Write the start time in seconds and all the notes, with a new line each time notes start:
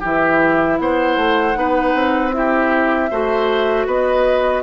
0.00 E3 E4 G4 E5
0.78 B3 C5 F#5
1.17 A3
1.54 B3 D#4 B4
1.94 C4
2.32 E4 G4 E5
3.10 A3 F#4 C5
3.86 B3 B4 D#5